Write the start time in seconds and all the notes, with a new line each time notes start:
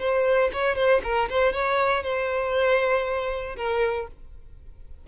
0.00 C5
0.53 C#5
0.76 C5
1.04 A#4
1.30 C5
1.53 C#5
2.04 C5
3.56 A#4